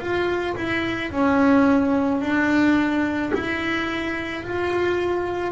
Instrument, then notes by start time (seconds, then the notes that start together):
double bass
0.00 F4
0.56 E4
1.11 C#4
2.21 D4
3.34 E4
4.43 F4